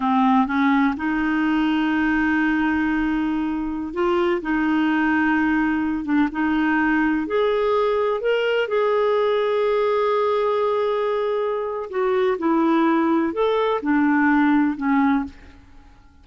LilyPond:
\new Staff \with { instrumentName = "clarinet" } { \time 4/4 \tempo 4 = 126 c'4 cis'4 dis'2~ | dis'1~ | dis'16 f'4 dis'2~ dis'8.~ | dis'8. d'8 dis'2 gis'8.~ |
gis'4~ gis'16 ais'4 gis'4.~ gis'16~ | gis'1~ | gis'4 fis'4 e'2 | a'4 d'2 cis'4 | }